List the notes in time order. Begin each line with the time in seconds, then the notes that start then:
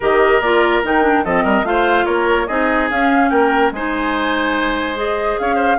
0.00 D#3 G4 A#4 D#5
0.40 A#3 F4 D5
0.83 D#3 D#4 G5
1.02 D4
1.24 F3 C4 A4 D#5
1.43 G3 A#4
1.62 A3 F4 C5 F5
2.05 A#3 A#4 C#5
2.47 C4 D#4 G#4 D#5
2.90 C#4 F5
3.29 A#3 A#4 G5
3.71 G#3 D#4 C5 G#5
4.94 G#4 D#5
5.38 C#4 C#5 F5
5.55 C5